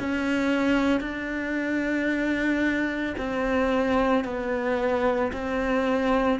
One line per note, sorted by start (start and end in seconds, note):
0.00 1.01 C#4
1.01 3.16 D4
3.18 4.25 C4
4.25 5.32 B3
5.33 6.40 C4